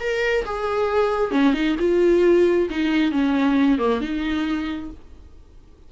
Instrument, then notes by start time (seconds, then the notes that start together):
viola
0.00 A#4
0.45 G#4
1.31 C#4
1.54 D#4
1.79 F4
2.70 D#4
3.12 C#4
3.78 A#3
4.01 D#4